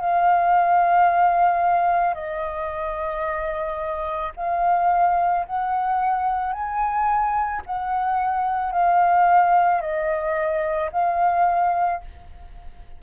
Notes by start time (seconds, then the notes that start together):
0.00 F5
2.15 D#5
4.36 F5
5.46 F#5
6.53 G#5
7.66 F#5
8.72 F5
9.81 D#5
10.92 F5